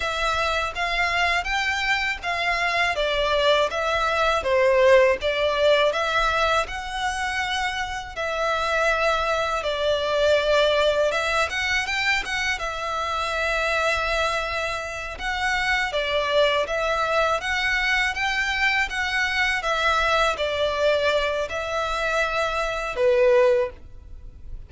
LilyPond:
\new Staff \with { instrumentName = "violin" } { \time 4/4 \tempo 4 = 81 e''4 f''4 g''4 f''4 | d''4 e''4 c''4 d''4 | e''4 fis''2 e''4~ | e''4 d''2 e''8 fis''8 |
g''8 fis''8 e''2.~ | e''8 fis''4 d''4 e''4 fis''8~ | fis''8 g''4 fis''4 e''4 d''8~ | d''4 e''2 b'4 | }